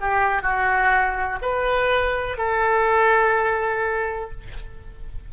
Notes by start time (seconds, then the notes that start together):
0.00 G4
0.42 F#4
1.42 B4
2.37 A4